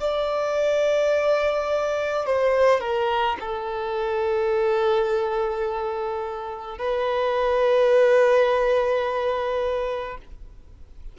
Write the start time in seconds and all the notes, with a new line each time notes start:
0.00 D5
2.26 C5
2.80 A#4
3.40 A4
6.78 B4